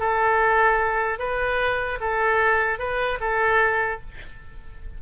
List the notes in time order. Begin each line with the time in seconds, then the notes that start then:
0.00 A4
1.19 B4
2.01 A4
2.79 B4
3.21 A4